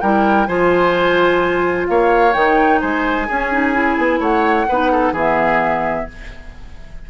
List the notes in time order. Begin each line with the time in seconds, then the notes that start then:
0.00 G3 E4 A#4 G5
0.46 F3 F4 C5 G#5
1.86 A#3 C#5 F5
2.33 D#3 D#4 G5
2.81 G#3 C5 G#5
3.27 C#4 G#4
3.52 D#4
3.73 E4
3.97 B3
4.19 A3 C#5 F#5
4.68 B3 D#4 B4
4.91 A4
5.12 E3 B3 G#4 E5